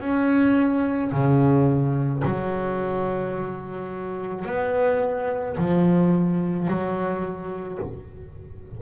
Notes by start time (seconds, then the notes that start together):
0.00 C#4
1.12 C#3
2.24 F#3
4.45 B3
5.57 F3
6.68 F#3